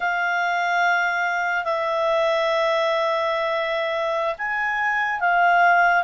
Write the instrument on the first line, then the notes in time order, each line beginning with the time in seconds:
clarinet
0.00 F5
1.64 E5
4.37 G#5
5.20 F5